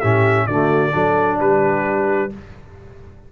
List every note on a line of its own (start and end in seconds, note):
0.00 0.48 A2
0.00 0.49 C#4
0.00 0.46 G4
0.00 0.47 E5
0.47 0.93 D3
0.47 0.92 A3
0.47 0.93 F#4
0.47 1.38 D5
0.92 1.40 F#3
0.92 2.30 D4
0.92 1.38 A4
1.40 2.32 G3
1.40 2.32 G4
1.40 2.32 B4